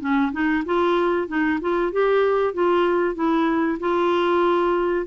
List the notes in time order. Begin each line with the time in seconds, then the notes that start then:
0.00 C#4
0.32 D#4
0.65 F4
1.27 D#4
1.61 F4
1.92 G4
2.53 F4
3.15 E4
3.80 F4